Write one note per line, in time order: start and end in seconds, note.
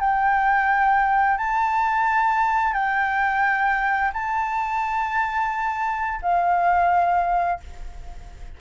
0.00 1.37 G5
1.37 2.73 A5
2.73 4.11 G5
4.13 6.20 A5
6.22 7.60 F5